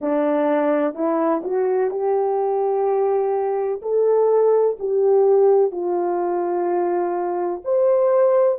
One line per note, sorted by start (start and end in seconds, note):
0.01 0.94 D4
0.94 1.42 E4
1.43 1.90 F#4
1.90 3.81 G4
3.82 4.77 A4
4.79 5.71 G4
5.71 7.61 F4
7.64 8.58 C5